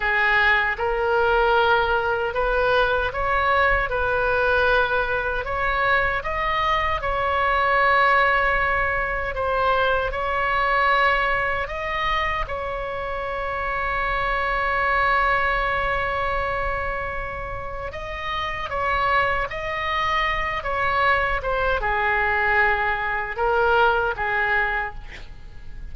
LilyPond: \new Staff \with { instrumentName = "oboe" } { \time 4/4 \tempo 4 = 77 gis'4 ais'2 b'4 | cis''4 b'2 cis''4 | dis''4 cis''2. | c''4 cis''2 dis''4 |
cis''1~ | cis''2. dis''4 | cis''4 dis''4. cis''4 c''8 | gis'2 ais'4 gis'4 | }